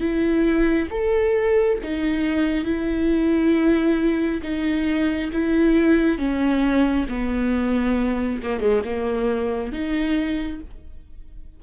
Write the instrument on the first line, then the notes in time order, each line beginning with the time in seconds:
viola
0.00 E4
0.90 A4
1.83 D#4
2.65 E4
4.43 D#4
5.33 E4
6.18 C#4
7.09 B3
8.43 A#3
8.60 G#3
8.84 A#3
9.72 D#4